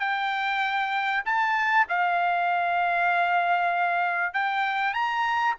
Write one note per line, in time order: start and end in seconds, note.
0.00 1.24 G5
1.25 1.87 A5
1.89 4.34 F5
4.34 4.94 G5
4.94 5.56 A#5